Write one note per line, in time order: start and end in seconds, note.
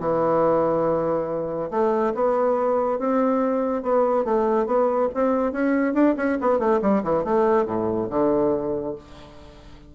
0.00 1.70 E3
1.71 2.13 A3
2.15 2.99 B3
2.99 3.83 C4
3.83 4.25 B3
4.25 4.66 A3
4.66 5.09 B3
5.14 5.52 C4
5.52 5.94 C#4
5.94 6.15 D4
6.17 6.38 C#4
6.41 6.59 B3
6.59 6.80 A3
6.82 7.03 G3
7.03 7.24 E3
7.24 7.66 A3
7.66 8.09 A2
8.10 8.95 D3